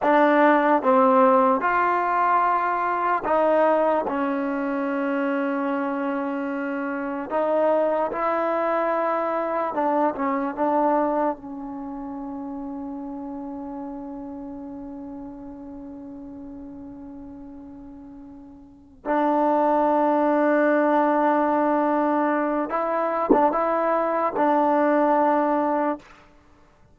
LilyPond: \new Staff \with { instrumentName = "trombone" } { \time 4/4 \tempo 4 = 74 d'4 c'4 f'2 | dis'4 cis'2.~ | cis'4 dis'4 e'2 | d'8 cis'8 d'4 cis'2~ |
cis'1~ | cis'2.~ cis'8 d'8~ | d'1 | e'8. d'16 e'4 d'2 | }